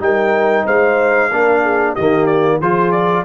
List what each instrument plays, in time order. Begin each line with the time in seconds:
0.00 tuba G3, trombone D#4, horn A#4, trumpet G5
0.65 tuba G#3, horn C5, trumpet F5
1.31 tuba A#3, trombone D4, horn A#4
1.63 horn G#4
1.94 tuba D#3, trombone A#3, horn G4, trumpet D#5
2.26 trumpet D5
2.60 tuba F3, trombone F4, horn G#4, trumpet C5
2.92 trumpet D5